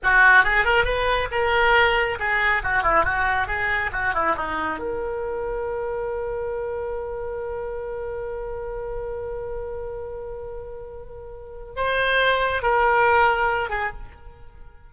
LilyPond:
\new Staff \with { instrumentName = "oboe" } { \time 4/4 \tempo 4 = 138 fis'4 gis'8 ais'8 b'4 ais'4~ | ais'4 gis'4 fis'8 e'8 fis'4 | gis'4 fis'8 e'8 dis'4 ais'4~ | ais'1~ |
ais'1~ | ais'1~ | ais'2. c''4~ | c''4 ais'2~ ais'8 gis'8 | }